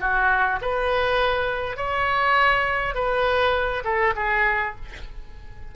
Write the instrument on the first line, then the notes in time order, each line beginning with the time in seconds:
oboe
0.00 F#4
0.61 B4
1.77 C#5
2.95 B4
3.84 A4
4.16 G#4